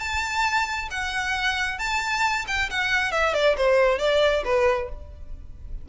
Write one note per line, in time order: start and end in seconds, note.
0.00 0.89 A5
0.91 1.79 F#5
1.79 2.46 A5
2.48 2.70 G5
2.70 3.12 F#5
3.12 3.34 E5
3.34 3.57 D5
3.57 3.99 C5
3.99 4.43 D5
4.45 4.89 B4